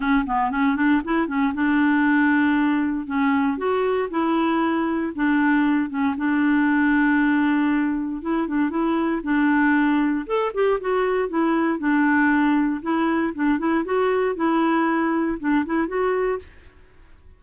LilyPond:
\new Staff \with { instrumentName = "clarinet" } { \time 4/4 \tempo 4 = 117 cis'8 b8 cis'8 d'8 e'8 cis'8 d'4~ | d'2 cis'4 fis'4 | e'2 d'4. cis'8 | d'1 |
e'8 d'8 e'4 d'2 | a'8 g'8 fis'4 e'4 d'4~ | d'4 e'4 d'8 e'8 fis'4 | e'2 d'8 e'8 fis'4 | }